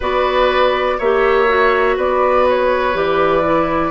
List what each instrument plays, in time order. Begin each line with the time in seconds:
0.00 bassoon B3, clarinet F#4, oboe B4, flute D5
0.98 bassoon A#3, clarinet G4, oboe C#5, flute E5
1.47 clarinet F#4
1.96 bassoon B3, oboe B4, flute D5
2.48 flute C#5
2.93 bassoon E3, clarinet G4, flute D5
3.43 clarinet E4